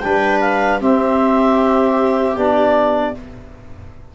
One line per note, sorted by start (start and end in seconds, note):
0.00 0.81 G3
0.00 0.81 D4
0.00 0.81 B4
0.00 0.39 G5
0.41 0.80 F5
0.81 2.37 C4
0.81 3.15 G4
0.81 2.37 E5
2.37 3.15 B3
2.37 3.15 D4
2.37 3.15 D5